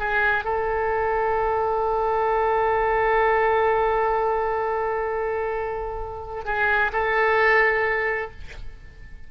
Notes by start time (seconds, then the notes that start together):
0.00 G#4
0.45 A4
6.46 G#4
6.93 A4